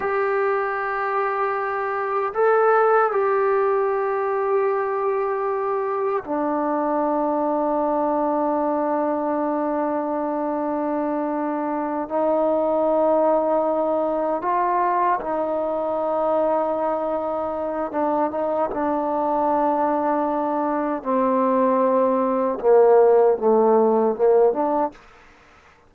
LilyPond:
\new Staff \with { instrumentName = "trombone" } { \time 4/4 \tempo 4 = 77 g'2. a'4 | g'1 | d'1~ | d'2.~ d'8 dis'8~ |
dis'2~ dis'8 f'4 dis'8~ | dis'2. d'8 dis'8 | d'2. c'4~ | c'4 ais4 a4 ais8 d'8 | }